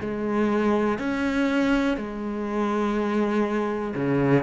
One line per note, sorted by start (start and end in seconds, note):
0.00 0.98 G#3
0.98 1.97 C#4
1.97 3.93 G#3
3.95 4.43 C#3